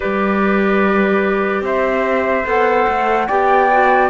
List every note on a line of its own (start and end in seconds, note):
0.00 1.61 G3
0.00 2.45 G4
0.00 1.64 B4
0.00 1.64 D5
1.61 2.43 C4
1.61 3.27 C5
1.61 2.47 E5
2.45 2.86 B3
2.45 3.28 A4
2.45 3.27 F#5
2.87 3.28 A3
3.27 4.09 B3
3.27 3.70 G4
3.27 4.09 D5
3.27 4.09 G5
3.71 4.09 F#4